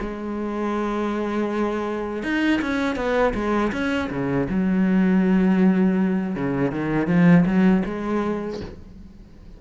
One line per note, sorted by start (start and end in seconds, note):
0.00 2.23 G#3
2.23 2.60 D#4
2.61 2.96 C#4
2.96 3.33 B3
3.34 3.72 G#3
3.72 4.09 C#4
4.10 4.48 C#3
4.49 6.35 F#3
6.35 6.71 C#3
6.71 7.07 D#3
7.07 7.44 F3
7.45 7.83 F#3
7.85 8.60 G#3